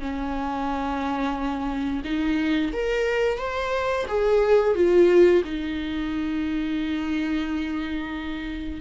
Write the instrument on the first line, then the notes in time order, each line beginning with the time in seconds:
viola
0.00 C#4
2.04 D#4
2.73 A#4
3.38 C5
4.08 G#4
4.75 F4
5.44 D#4